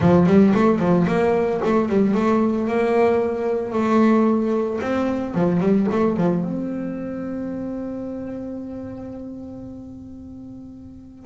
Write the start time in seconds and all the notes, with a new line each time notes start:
0.00 F3
0.26 G3
0.54 A3
0.79 F3
1.07 A#3
1.64 A3
1.88 G3
2.14 A3
2.67 A#3
3.72 A3
4.81 C4
5.34 F3
5.60 G3
5.91 A3
6.16 F3
6.43 C4